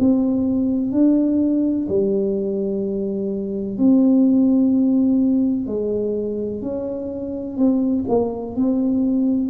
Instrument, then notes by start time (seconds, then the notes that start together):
tuba
0.00 C4
0.92 D4
1.89 G3
3.78 C4
5.67 G#3
6.62 C#4
7.58 C4
8.09 A#3
8.56 C4